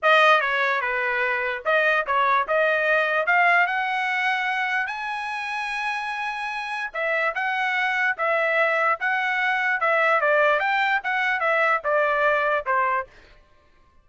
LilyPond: \new Staff \with { instrumentName = "trumpet" } { \time 4/4 \tempo 4 = 147 dis''4 cis''4 b'2 | dis''4 cis''4 dis''2 | f''4 fis''2. | gis''1~ |
gis''4 e''4 fis''2 | e''2 fis''2 | e''4 d''4 g''4 fis''4 | e''4 d''2 c''4 | }